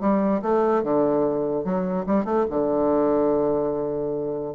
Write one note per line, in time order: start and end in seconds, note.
0.00 0.41 G3
0.42 0.83 A3
0.83 1.64 D3
1.64 2.05 F#3
2.06 2.25 G3
2.25 2.45 A3
2.50 4.54 D3